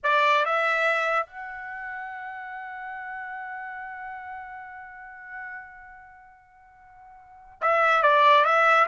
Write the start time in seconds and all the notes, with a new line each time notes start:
0.03 D5
0.45 E5
1.26 F#5
7.61 E5
8.02 D5
8.44 E5